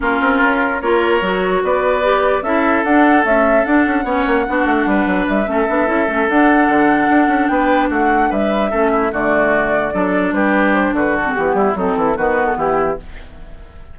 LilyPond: <<
  \new Staff \with { instrumentName = "flute" } { \time 4/4 \tempo 4 = 148 ais'2 cis''2 | d''2 e''4 fis''4 | e''4 fis''2.~ | fis''4 e''2~ e''8 fis''8~ |
fis''2~ fis''8 g''4 fis''8~ | fis''8 e''2 d''4.~ | d''4. b'4 c''8 b'8 a'8 | g'4 a'4 b'8. a'16 g'4 | }
  \new Staff \with { instrumentName = "oboe" } { \time 4/4 f'2 ais'2 | b'2 a'2~ | a'2 cis''4 fis'4 | b'4. a'2~ a'8~ |
a'2~ a'8 b'4 fis'8~ | fis'8 b'4 a'8 e'8 fis'4.~ | fis'8 a'4 g'4. fis'4~ | fis'8 e'8 dis'8 e'8 fis'4 e'4 | }
  \new Staff \with { instrumentName = "clarinet" } { \time 4/4 cis'2 f'4 fis'4~ | fis'4 g'4 e'4 d'4 | a4 d'4 cis'4 d'4~ | d'4. cis'8 d'8 e'8 cis'8 d'8~ |
d'1~ | d'4. cis'4 a4.~ | a8 d'2.~ d'16 c'16 | b4 c'4 b2 | }
  \new Staff \with { instrumentName = "bassoon" } { \time 4/4 ais8 c'8 cis'4 ais4 fis4 | b2 cis'4 d'4 | cis'4 d'8 cis'8 b8 ais8 b8 a8 | g8 fis8 g8 a8 b8 cis'8 a8 d'8~ |
d'8 d4 d'8 cis'8 b4 a8~ | a8 g4 a4 d4.~ | d8 fis4 g4. d4 | e8 g8 fis8 e8 dis4 e4 | }
>>